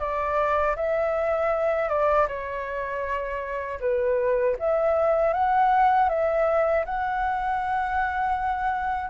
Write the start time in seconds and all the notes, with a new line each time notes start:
0.00 D5
0.76 E5
1.90 D5
2.28 C#5
3.81 B4
4.59 E5
5.34 F#5
6.09 E5
6.86 F#5